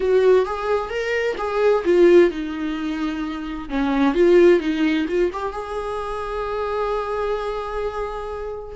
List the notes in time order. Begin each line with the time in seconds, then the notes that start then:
0.00 F#4
0.45 G#4
0.89 A#4
1.37 G#4
1.85 F4
2.30 D#4
3.69 C#4
4.14 F4
4.59 D#4
5.07 F4
5.32 G4
5.52 G#4